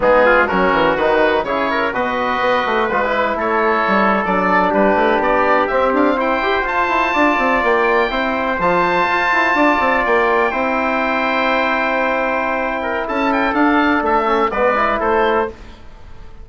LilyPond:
<<
  \new Staff \with { instrumentName = "oboe" } { \time 4/4 \tempo 4 = 124 gis'4 ais'4 b'4 cis''4 | dis''2 b'4 cis''4~ | cis''8. d''4 b'4 d''4 e''16~ | e''16 f''8 g''4 a''2 g''16~ |
g''4.~ g''16 a''2~ a''16~ | a''8. g''2.~ g''16~ | g''2. a''8 g''8 | f''4 e''4 d''4 c''4 | }
  \new Staff \with { instrumentName = "trumpet" } { \time 4/4 dis'8 f'8 fis'2 gis'8 ais'8 | b'2. a'4~ | a'4.~ a'16 g'2~ g'16~ | g'8. c''2 d''4~ d''16~ |
d''8. c''2. d''16~ | d''4.~ d''16 c''2~ c''16~ | c''2~ c''8 ais'8 a'4~ | a'2 b'4 a'4 | }
  \new Staff \with { instrumentName = "trombone" } { \time 4/4 b4 cis'4 dis'4 e'4 | fis'2 f'16 e'4.~ e'16~ | e'8. d'2. c'16~ | c'4~ c'16 g'8 f'2~ f'16~ |
f'8. e'4 f'2~ f'16~ | f'4.~ f'16 e'2~ e'16~ | e'1 | d'4. cis'8 b8 e'4. | }
  \new Staff \with { instrumentName = "bassoon" } { \time 4/4 gis4 fis8 e8 dis4 cis4 | b,4 b8 a8 gis4 a4 | g8. fis4 g8 a8 b4 c'16~ | c'16 d'8 e'4 f'8 e'8 d'8 c'8 ais16~ |
ais8. c'4 f4 f'8 e'8 d'16~ | d'16 c'8 ais4 c'2~ c'16~ | c'2. cis'4 | d'4 a4 gis4 a4 | }
>>